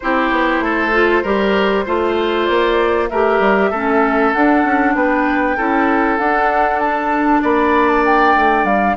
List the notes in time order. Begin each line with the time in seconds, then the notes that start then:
0.00 C4 E4 G4 C5
0.31 B3
0.60 A3 A4
0.92 F4
1.23 G3 G4 A#4
1.85 A3 F4 C5
2.45 A#3 D5
3.09 A3 G4 A#4 E5
3.39 G3
3.70 A3 C#4 A4
4.32 D4 F#5
4.64 C#4
4.95 B3 B4 G5
5.56 C#4 E4 A4
6.18 D4 F#5
6.79 A5
7.42 A#3 D5 B5
7.88 A5
8.05 G5
8.35 A3
8.64 G3 F5